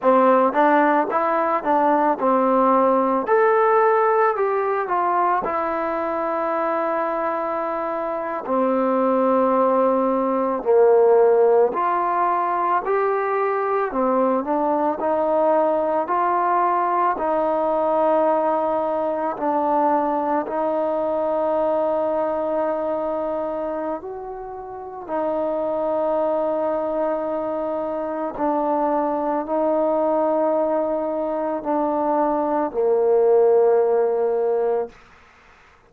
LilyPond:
\new Staff \with { instrumentName = "trombone" } { \time 4/4 \tempo 4 = 55 c'8 d'8 e'8 d'8 c'4 a'4 | g'8 f'8 e'2~ e'8. c'16~ | c'4.~ c'16 ais4 f'4 g'16~ | g'8. c'8 d'8 dis'4 f'4 dis'16~ |
dis'4.~ dis'16 d'4 dis'4~ dis'16~ | dis'2 fis'4 dis'4~ | dis'2 d'4 dis'4~ | dis'4 d'4 ais2 | }